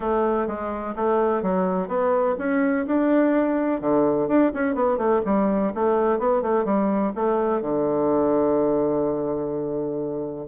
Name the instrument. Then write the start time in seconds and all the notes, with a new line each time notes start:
bassoon
0.00 A3
0.47 G#3
0.95 A3
1.42 F#3
1.87 B3
2.38 C#4
2.86 D4
3.80 D3
4.27 D4
4.54 C#4
4.74 B3
4.97 A3
5.25 G3
5.74 A3
6.18 B3
6.42 A3
6.65 G3
7.15 A3
7.61 D3